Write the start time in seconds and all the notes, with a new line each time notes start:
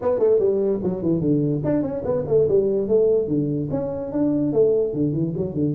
0.01 B3
0.18 A3
0.39 G3
0.83 F#3
1.02 E3
1.20 D3
1.63 D4
1.82 C#4
2.04 B3
2.27 A3
2.48 G3
2.87 A3
3.27 D3
3.71 C#4
4.12 D4
4.52 A3
4.93 D3
5.13 E3
5.36 F#3
5.54 D3